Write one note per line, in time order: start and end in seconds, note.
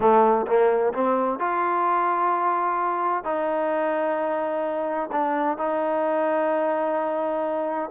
0.00 0.46 A3
0.46 0.93 A#3
0.93 1.39 C4
1.39 3.24 F4
3.24 5.10 D#4
5.12 5.57 D4
5.57 7.90 D#4